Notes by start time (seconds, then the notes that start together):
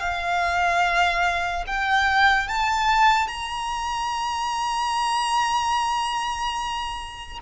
0.00 F5
1.67 G5
2.48 A5
3.28 A#5